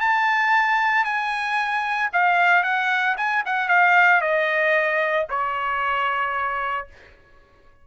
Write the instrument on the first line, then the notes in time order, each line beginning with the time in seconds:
trumpet
0.00 A5
1.04 G#5
2.13 F5
2.63 F#5
3.17 G#5
3.45 F#5
3.68 F5
4.21 D#5
5.29 C#5